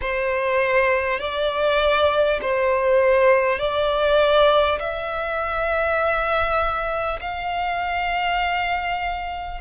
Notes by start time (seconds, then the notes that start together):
0.01 C5
1.19 D5
2.41 C5
3.58 D5
4.79 E5
7.21 F5